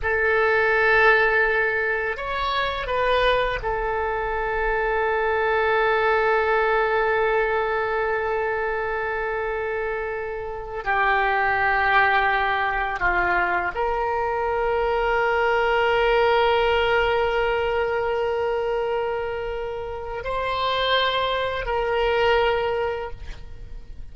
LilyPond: \new Staff \with { instrumentName = "oboe" } { \time 4/4 \tempo 4 = 83 a'2. cis''4 | b'4 a'2.~ | a'1~ | a'2. g'4~ |
g'2 f'4 ais'4~ | ais'1~ | ais'1 | c''2 ais'2 | }